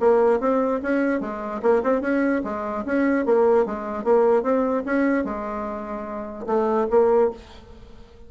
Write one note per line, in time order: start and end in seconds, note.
0.00 0.40 A#3
0.40 0.81 C4
0.82 1.21 C#4
1.21 1.61 G#3
1.62 1.83 A#3
1.83 2.01 C4
2.01 2.42 C#4
2.44 2.85 G#3
2.85 3.26 C#4
3.26 3.66 A#3
3.66 4.04 G#3
4.04 4.43 A#3
4.43 4.83 C4
4.86 5.24 C#4
5.24 6.46 G#3
6.47 6.87 A3
6.90 7.31 A#3